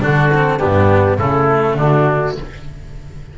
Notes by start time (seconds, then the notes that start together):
0.00 D3 D4 F#4 A4
0.34 C4
0.58 G2 B3 D4 G4
1.18 C#3 A3 E4 A4
1.74 D3 D4 F#4